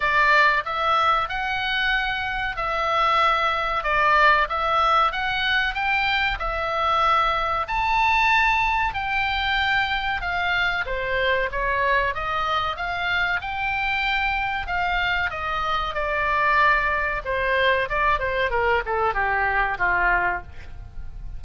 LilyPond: \new Staff \with { instrumentName = "oboe" } { \time 4/4 \tempo 4 = 94 d''4 e''4 fis''2 | e''2 d''4 e''4 | fis''4 g''4 e''2 | a''2 g''2 |
f''4 c''4 cis''4 dis''4 | f''4 g''2 f''4 | dis''4 d''2 c''4 | d''8 c''8 ais'8 a'8 g'4 f'4 | }